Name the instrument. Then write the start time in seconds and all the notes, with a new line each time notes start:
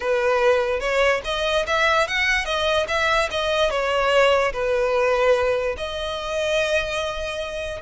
violin
0.00 B4
0.80 C#5
1.24 D#5
1.66 E5
2.07 F#5
2.45 D#5
2.88 E5
3.30 D#5
3.70 C#5
4.52 B4
5.77 D#5